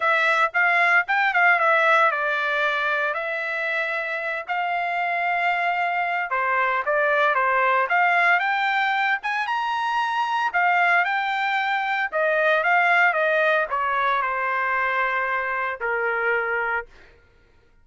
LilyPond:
\new Staff \with { instrumentName = "trumpet" } { \time 4/4 \tempo 4 = 114 e''4 f''4 g''8 f''8 e''4 | d''2 e''2~ | e''8 f''2.~ f''8 | c''4 d''4 c''4 f''4 |
g''4. gis''8 ais''2 | f''4 g''2 dis''4 | f''4 dis''4 cis''4 c''4~ | c''2 ais'2 | }